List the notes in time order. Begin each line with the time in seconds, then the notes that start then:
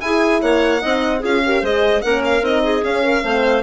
0.00 E4 G#4 G#5
0.41 A#3 C#5 F#5
0.81 C4 D#4 D#5
1.19 C#4 F4 G#4 F5
1.44 G4 A#4
1.61 G#3 G#4 C5 D#5
2.01 A#3 C#4 A#4 F#5
2.24 F5
2.41 C4 D#4 D#5
2.63 G#4
2.82 C#4 F5
3.03 A#4
3.23 A3 C4 C5